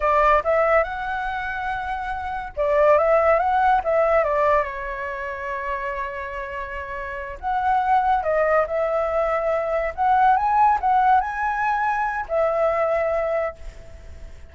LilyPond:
\new Staff \with { instrumentName = "flute" } { \time 4/4 \tempo 4 = 142 d''4 e''4 fis''2~ | fis''2 d''4 e''4 | fis''4 e''4 d''4 cis''4~ | cis''1~ |
cis''4. fis''2 dis''8~ | dis''8 e''2. fis''8~ | fis''8 gis''4 fis''4 gis''4.~ | gis''4 e''2. | }